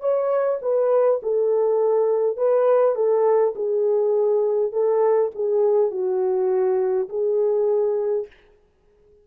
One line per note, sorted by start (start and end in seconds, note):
0.00 0.59 C#5
0.61 1.20 B4
1.22 2.36 A4
2.36 2.95 B4
2.95 3.53 A4
3.55 4.72 G#4
4.72 5.30 A4
5.35 5.90 G#4
5.90 7.08 F#4
7.09 8.26 G#4